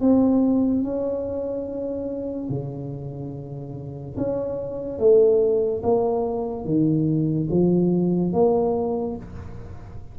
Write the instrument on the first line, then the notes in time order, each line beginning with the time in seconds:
tuba
0.00 C4
0.83 C#4
2.49 C#3
4.17 C#4
4.98 A3
5.82 A#3
6.64 D#3
7.50 F3
8.33 A#3